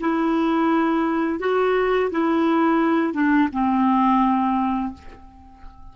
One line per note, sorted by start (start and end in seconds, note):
0.00 1.40 E4
1.40 2.10 F#4
2.11 3.13 E4
3.13 3.49 D4
3.52 4.93 C4